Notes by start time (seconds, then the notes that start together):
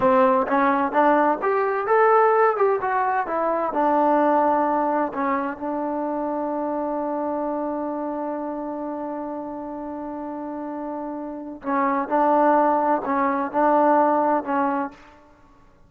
0.00 C4
0.47 C#4
0.92 D4
1.42 G4
1.86 A4
2.56 G4
2.81 F#4
3.26 E4
3.73 D4
5.13 C#4
5.57 D4
11.62 C#4
12.08 D4
13.05 C#4
13.51 D4
14.44 C#4